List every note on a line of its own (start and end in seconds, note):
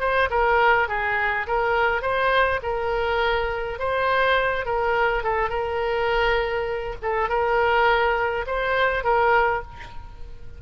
0.00 0.29 C5
0.30 0.88 A#4
0.88 1.47 G#4
1.47 2.02 A#4
2.02 2.60 C5
2.63 3.79 A#4
3.79 4.65 C5
4.65 5.23 A#4
5.23 5.49 A4
5.49 6.95 A#4
7.02 7.29 A4
7.29 8.46 A#4
8.47 9.04 C5
9.04 9.62 A#4